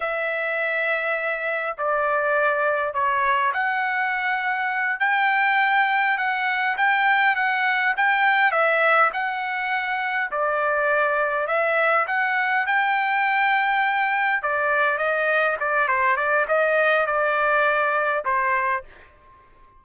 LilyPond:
\new Staff \with { instrumentName = "trumpet" } { \time 4/4 \tempo 4 = 102 e''2. d''4~ | d''4 cis''4 fis''2~ | fis''8 g''2 fis''4 g''8~ | g''8 fis''4 g''4 e''4 fis''8~ |
fis''4. d''2 e''8~ | e''8 fis''4 g''2~ g''8~ | g''8 d''4 dis''4 d''8 c''8 d''8 | dis''4 d''2 c''4 | }